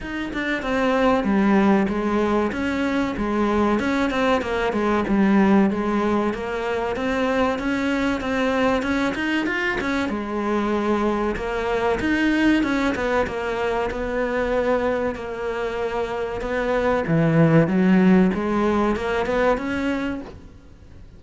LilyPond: \new Staff \with { instrumentName = "cello" } { \time 4/4 \tempo 4 = 95 dis'8 d'8 c'4 g4 gis4 | cis'4 gis4 cis'8 c'8 ais8 gis8 | g4 gis4 ais4 c'4 | cis'4 c'4 cis'8 dis'8 f'8 cis'8 |
gis2 ais4 dis'4 | cis'8 b8 ais4 b2 | ais2 b4 e4 | fis4 gis4 ais8 b8 cis'4 | }